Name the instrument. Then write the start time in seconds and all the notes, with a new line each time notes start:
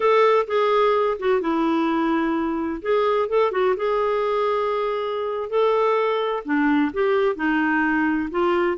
clarinet
0.00 A4
0.47 G#4
1.19 F#4
1.41 E4
2.82 G#4
3.28 A4
3.51 F#4
3.76 G#4
5.49 A4
6.44 D4
6.93 G4
7.35 D#4
8.30 F4